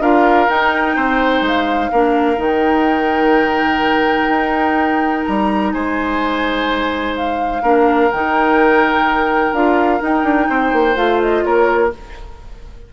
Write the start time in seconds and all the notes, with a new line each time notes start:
0.00 D4 F4 A#4 F5
0.48 D#4 G5
0.95 C4 C5
1.41 G#3 F5
1.91 A#3 D4 A#4
2.36 D#3 D#4 G5
4.28 D#4
5.25 G3 A#5
5.72 G#3 C5 G#5
7.16 F5
7.62 A#3 D4 A#4
8.11 D#3 D#4 G5
9.52 D4 F4 F5
9.99 D#4 G5
10.23 D4
10.49 C4 C5
10.72 A#3
10.95 A3 F4 F5
11.21 D#5
11.44 A#3 A#4 C#5